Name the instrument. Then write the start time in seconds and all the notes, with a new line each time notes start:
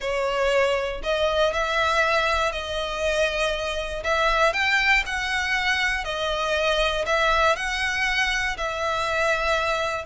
violin
0.00 C#5
1.03 D#5
1.53 E5
2.52 D#5
4.03 E5
4.53 G5
5.06 F#5
6.04 D#5
7.06 E5
7.56 F#5
8.57 E5